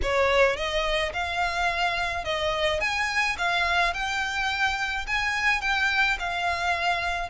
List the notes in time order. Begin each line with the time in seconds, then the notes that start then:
0.02 C#5
0.56 D#5
1.13 F5
2.24 D#5
2.80 G#5
3.38 F5
3.93 G5
5.06 G#5
5.61 G5
6.19 F5